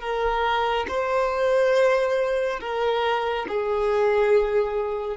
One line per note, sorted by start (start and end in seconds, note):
0.00 0.86 A#4
0.88 2.59 C5
2.60 3.46 A#4
3.48 5.17 G#4